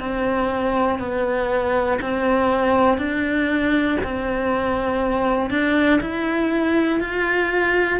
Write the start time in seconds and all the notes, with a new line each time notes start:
0.00 C4
1.00 B3
2.02 C4
2.98 D4
4.04 C4
5.50 D4
6.01 E4
7.00 F4